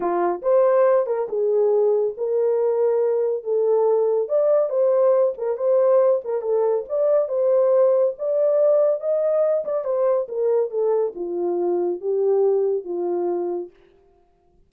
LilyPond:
\new Staff \with { instrumentName = "horn" } { \time 4/4 \tempo 4 = 140 f'4 c''4. ais'8 gis'4~ | gis'4 ais'2. | a'2 d''4 c''4~ | c''8 ais'8 c''4. ais'8 a'4 |
d''4 c''2 d''4~ | d''4 dis''4. d''8 c''4 | ais'4 a'4 f'2 | g'2 f'2 | }